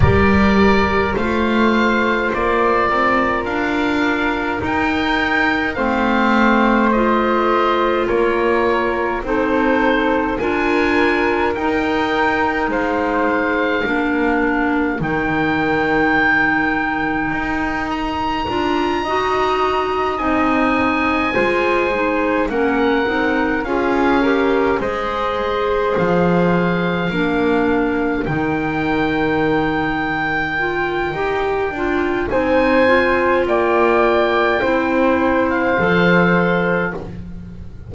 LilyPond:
<<
  \new Staff \with { instrumentName = "oboe" } { \time 4/4 \tempo 4 = 52 d''4 f''4 d''4 f''4 | g''4 f''4 dis''4 cis''4 | c''4 gis''4 g''4 f''4~ | f''4 g''2~ g''8 ais''8~ |
ais''4. gis''2 fis''8~ | fis''8 f''4 dis''4 f''4.~ | f''8 g''2.~ g''8 | gis''4 g''4.~ g''16 f''4~ f''16 | }
  \new Staff \with { instrumentName = "flute" } { \time 4/4 ais'4 c''4. ais'4.~ | ais'4 c''2 ais'4 | a'4 ais'2 c''4 | ais'1~ |
ais'8 dis''2 c''4 ais'8~ | ais'8 gis'8 ais'8 c''2 ais'8~ | ais'1 | c''4 d''4 c''2 | }
  \new Staff \with { instrumentName = "clarinet" } { \time 4/4 g'4 f'2. | dis'4 c'4 f'2 | dis'4 f'4 dis'2 | d'4 dis'2. |
f'8 fis'4 dis'4 f'8 dis'8 cis'8 | dis'8 f'8 g'8 gis'2 d'8~ | d'8 dis'2 f'8 g'8 f'8 | dis'8 f'4. e'4 a'4 | }
  \new Staff \with { instrumentName = "double bass" } { \time 4/4 g4 a4 ais8 c'8 d'4 | dis'4 a2 ais4 | c'4 d'4 dis'4 gis4 | ais4 dis2 dis'4 |
d'8 dis'4 c'4 gis4 ais8 | c'8 cis'4 gis4 f4 ais8~ | ais8 dis2~ dis8 dis'8 d'8 | c'4 ais4 c'4 f4 | }
>>